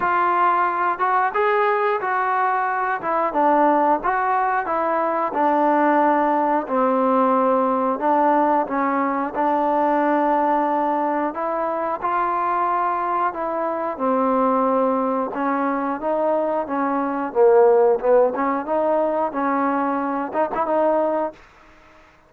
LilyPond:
\new Staff \with { instrumentName = "trombone" } { \time 4/4 \tempo 4 = 90 f'4. fis'8 gis'4 fis'4~ | fis'8 e'8 d'4 fis'4 e'4 | d'2 c'2 | d'4 cis'4 d'2~ |
d'4 e'4 f'2 | e'4 c'2 cis'4 | dis'4 cis'4 ais4 b8 cis'8 | dis'4 cis'4. dis'16 e'16 dis'4 | }